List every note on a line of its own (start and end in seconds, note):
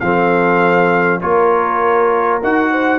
0.00 1.22 F3
0.00 1.22 C4
0.00 1.21 A4
0.00 1.20 F5
1.21 2.43 A#3
1.21 2.42 F4
1.21 2.71 A#4
1.21 2.41 C#5
2.43 3.00 D#4
2.43 3.00 F#4
2.43 3.00 F#5
2.71 3.00 C5